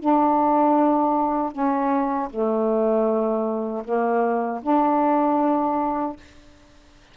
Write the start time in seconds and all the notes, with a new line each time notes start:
0.00 D4
1.52 C#4
2.30 A3
3.85 A#3
4.63 D4